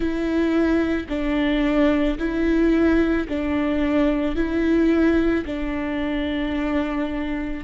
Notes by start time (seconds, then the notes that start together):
0.00 E4
1.09 D4
2.18 E4
3.28 D4
4.35 E4
5.45 D4